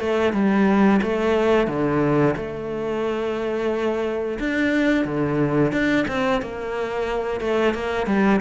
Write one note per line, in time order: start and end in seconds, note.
0.00 0.33 A3
0.33 1.01 G3
1.02 1.68 A3
1.68 2.35 D3
2.36 4.39 A3
4.40 5.05 D4
5.05 5.72 D3
5.72 6.06 D4
6.08 6.42 C4
6.42 7.41 A#3
7.41 7.74 A3
7.74 8.07 A#3
8.07 8.40 G3